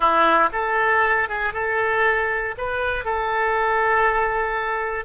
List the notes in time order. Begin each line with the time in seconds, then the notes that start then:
0.00 E4
0.52 A4
1.28 G#4
1.53 A4
2.57 B4
3.04 A4